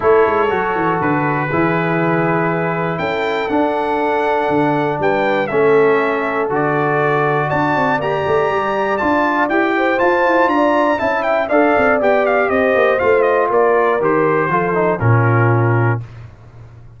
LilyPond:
<<
  \new Staff \with { instrumentName = "trumpet" } { \time 4/4 \tempo 4 = 120 cis''2 b'2~ | b'2 g''4 fis''4~ | fis''2 g''4 e''4~ | e''4 d''2 a''4 |
ais''2 a''4 g''4 | a''4 ais''4 a''8 g''8 f''4 | g''8 f''8 dis''4 f''8 dis''8 d''4 | c''2 ais'2 | }
  \new Staff \with { instrumentName = "horn" } { \time 4/4 a'2. gis'4~ | gis'2 a'2~ | a'2 b'4 a'4~ | a'2. d''4~ |
d''2.~ d''8 c''8~ | c''4 d''4 e''4 d''4~ | d''4 c''2 ais'4~ | ais'4 a'4 f'2 | }
  \new Staff \with { instrumentName = "trombone" } { \time 4/4 e'4 fis'2 e'4~ | e'2. d'4~ | d'2. cis'4~ | cis'4 fis'2. |
g'2 f'4 g'4 | f'2 e'4 a'4 | g'2 f'2 | g'4 f'8 dis'8 cis'2 | }
  \new Staff \with { instrumentName = "tuba" } { \time 4/4 a8 gis8 fis8 e8 d4 e4~ | e2 cis'4 d'4~ | d'4 d4 g4 a4~ | a4 d2 d'8 c'8 |
ais8 a8 g4 d'4 e'4 | f'8 e'8 d'4 cis'4 d'8 c'8 | b4 c'8 ais8 a4 ais4 | dis4 f4 ais,2 | }
>>